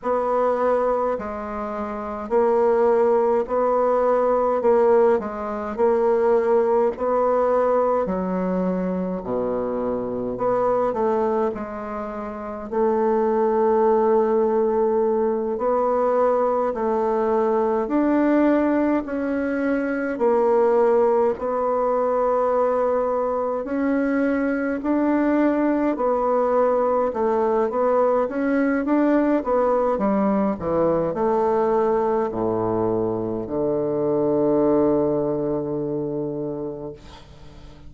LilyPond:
\new Staff \with { instrumentName = "bassoon" } { \time 4/4 \tempo 4 = 52 b4 gis4 ais4 b4 | ais8 gis8 ais4 b4 fis4 | b,4 b8 a8 gis4 a4~ | a4. b4 a4 d'8~ |
d'8 cis'4 ais4 b4.~ | b8 cis'4 d'4 b4 a8 | b8 cis'8 d'8 b8 g8 e8 a4 | a,4 d2. | }